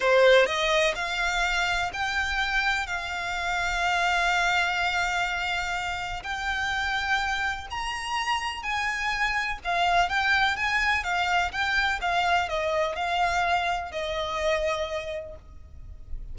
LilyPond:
\new Staff \with { instrumentName = "violin" } { \time 4/4 \tempo 4 = 125 c''4 dis''4 f''2 | g''2 f''2~ | f''1~ | f''4 g''2. |
ais''2 gis''2 | f''4 g''4 gis''4 f''4 | g''4 f''4 dis''4 f''4~ | f''4 dis''2. | }